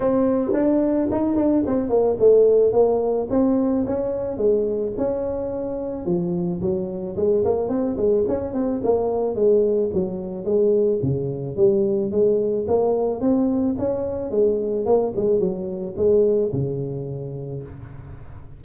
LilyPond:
\new Staff \with { instrumentName = "tuba" } { \time 4/4 \tempo 4 = 109 c'4 d'4 dis'8 d'8 c'8 ais8 | a4 ais4 c'4 cis'4 | gis4 cis'2 f4 | fis4 gis8 ais8 c'8 gis8 cis'8 c'8 |
ais4 gis4 fis4 gis4 | cis4 g4 gis4 ais4 | c'4 cis'4 gis4 ais8 gis8 | fis4 gis4 cis2 | }